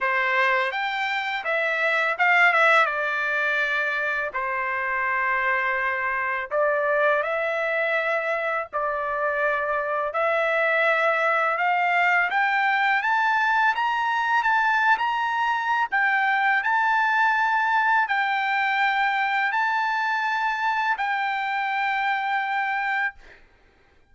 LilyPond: \new Staff \with { instrumentName = "trumpet" } { \time 4/4 \tempo 4 = 83 c''4 g''4 e''4 f''8 e''8 | d''2 c''2~ | c''4 d''4 e''2 | d''2 e''2 |
f''4 g''4 a''4 ais''4 | a''8. ais''4~ ais''16 g''4 a''4~ | a''4 g''2 a''4~ | a''4 g''2. | }